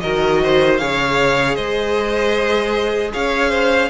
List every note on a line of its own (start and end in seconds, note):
0.00 0.80 D#3
0.00 0.79 F#4
0.00 0.41 A#4
0.00 0.77 D#5
0.42 0.80 C5
0.77 1.57 C#3
0.77 3.90 G#4
0.77 1.55 C#5
0.77 1.55 F5
1.55 3.13 G#3
1.55 3.11 C5
1.55 3.11 D#5
3.13 3.90 C#4
3.13 3.49 C#5
3.13 3.90 F5
3.49 3.88 C5